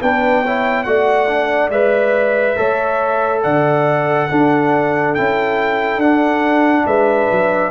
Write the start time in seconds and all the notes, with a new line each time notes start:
0.00 B3 D4 B4 G5
0.42 E4 C#5
0.83 A3 F#4 D5 F#5
1.27 D4
1.69 G#3 B4 E5
2.56 A3 A4 C#5
3.42 D3 D5 F#5
4.28 D4 A4
5.14 C#4 E4 G5
5.96 D4 F#5
6.85 G#3 B4 E5
7.31 F#3